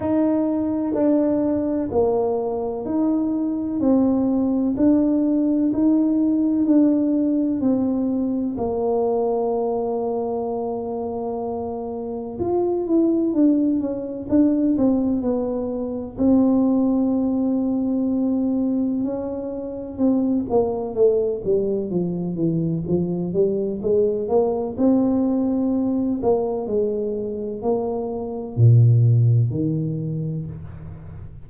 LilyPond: \new Staff \with { instrumentName = "tuba" } { \time 4/4 \tempo 4 = 63 dis'4 d'4 ais4 dis'4 | c'4 d'4 dis'4 d'4 | c'4 ais2.~ | ais4 f'8 e'8 d'8 cis'8 d'8 c'8 |
b4 c'2. | cis'4 c'8 ais8 a8 g8 f8 e8 | f8 g8 gis8 ais8 c'4. ais8 | gis4 ais4 ais,4 dis4 | }